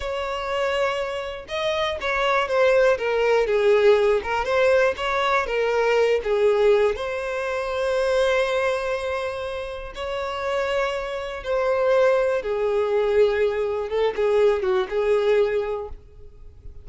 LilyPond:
\new Staff \with { instrumentName = "violin" } { \time 4/4 \tempo 4 = 121 cis''2. dis''4 | cis''4 c''4 ais'4 gis'4~ | gis'8 ais'8 c''4 cis''4 ais'4~ | ais'8 gis'4. c''2~ |
c''1 | cis''2. c''4~ | c''4 gis'2. | a'8 gis'4 fis'8 gis'2 | }